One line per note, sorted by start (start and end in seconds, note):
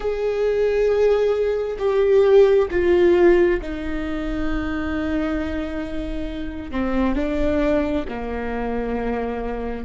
0.00 1.77 G#4
1.79 2.68 G4
2.70 3.60 F4
3.61 6.71 D#4
6.71 7.15 C4
7.15 8.04 D4
8.08 9.85 A#3